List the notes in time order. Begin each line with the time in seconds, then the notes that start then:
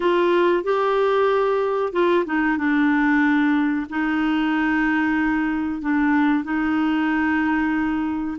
0.00 F4
0.63 G4
1.92 F4
2.25 D#4
2.57 D4
3.89 D#4
5.81 D4
6.43 D#4